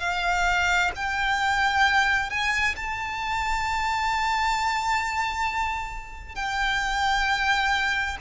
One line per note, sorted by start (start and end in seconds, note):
0.00 0.91 F5
0.95 2.30 G5
2.30 2.75 G#5
2.76 6.35 A5
6.35 8.17 G5